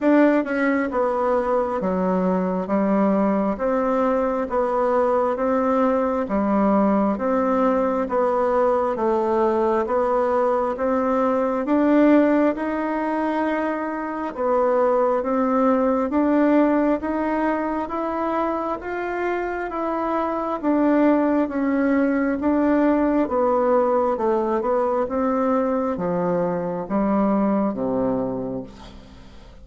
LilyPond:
\new Staff \with { instrumentName = "bassoon" } { \time 4/4 \tempo 4 = 67 d'8 cis'8 b4 fis4 g4 | c'4 b4 c'4 g4 | c'4 b4 a4 b4 | c'4 d'4 dis'2 |
b4 c'4 d'4 dis'4 | e'4 f'4 e'4 d'4 | cis'4 d'4 b4 a8 b8 | c'4 f4 g4 c4 | }